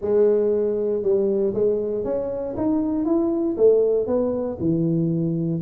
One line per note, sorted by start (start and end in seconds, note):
0.01 1.02 G#3
1.02 1.53 G3
1.53 2.04 G#3
2.04 2.55 C#4
2.57 3.05 D#4
3.05 3.56 E4
3.57 4.06 A3
4.06 4.57 B3
4.59 5.61 E3